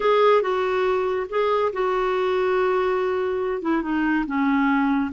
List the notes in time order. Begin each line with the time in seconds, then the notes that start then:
0.00 G#4
0.41 F#4
1.29 G#4
1.72 F#4
3.62 E4
3.82 D#4
4.26 C#4